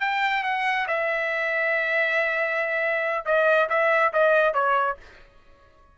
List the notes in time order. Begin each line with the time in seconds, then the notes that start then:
0.00 G5
0.43 F#5
0.87 E5
3.25 D#5
3.69 E5
4.13 D#5
4.54 C#5